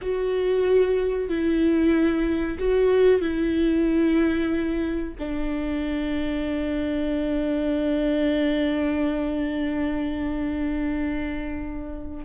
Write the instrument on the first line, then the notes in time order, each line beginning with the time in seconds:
viola
0.01 F#4
1.28 E4
2.58 F#4
3.21 E4
5.18 D4